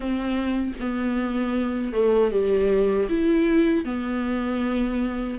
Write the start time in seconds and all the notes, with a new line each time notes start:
0.00 C4
0.79 B3
1.92 A3
2.31 G3
3.09 E4
3.85 B3